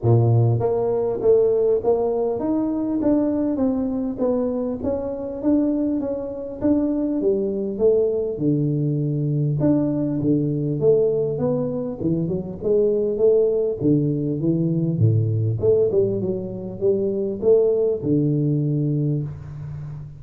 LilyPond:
\new Staff \with { instrumentName = "tuba" } { \time 4/4 \tempo 4 = 100 ais,4 ais4 a4 ais4 | dis'4 d'4 c'4 b4 | cis'4 d'4 cis'4 d'4 | g4 a4 d2 |
d'4 d4 a4 b4 | e8 fis8 gis4 a4 d4 | e4 a,4 a8 g8 fis4 | g4 a4 d2 | }